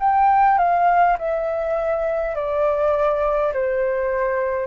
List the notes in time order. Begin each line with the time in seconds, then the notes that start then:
0.00 G5
0.58 F5
1.19 E5
2.35 D5
3.53 C5